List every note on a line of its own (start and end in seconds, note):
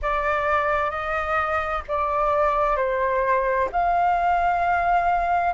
0.02 0.90 D5
0.90 1.82 D#5
1.88 2.76 D5
2.76 3.68 C5
3.72 5.53 F5